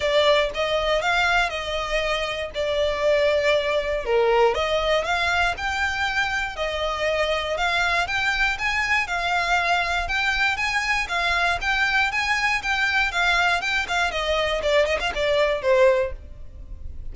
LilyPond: \new Staff \with { instrumentName = "violin" } { \time 4/4 \tempo 4 = 119 d''4 dis''4 f''4 dis''4~ | dis''4 d''2. | ais'4 dis''4 f''4 g''4~ | g''4 dis''2 f''4 |
g''4 gis''4 f''2 | g''4 gis''4 f''4 g''4 | gis''4 g''4 f''4 g''8 f''8 | dis''4 d''8 dis''16 f''16 d''4 c''4 | }